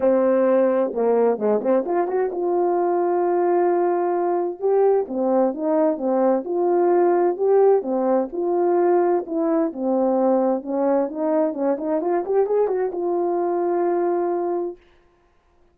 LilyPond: \new Staff \with { instrumentName = "horn" } { \time 4/4 \tempo 4 = 130 c'2 ais4 gis8 c'8 | f'8 fis'8 f'2.~ | f'2 g'4 c'4 | dis'4 c'4 f'2 |
g'4 c'4 f'2 | e'4 c'2 cis'4 | dis'4 cis'8 dis'8 f'8 g'8 gis'8 fis'8 | f'1 | }